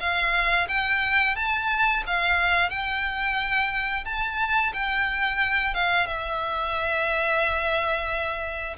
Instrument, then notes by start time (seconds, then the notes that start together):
violin
0.00 F5
0.69 G5
1.36 A5
2.07 F5
2.70 G5
4.05 A5
4.74 G5
5.75 F5
6.07 E5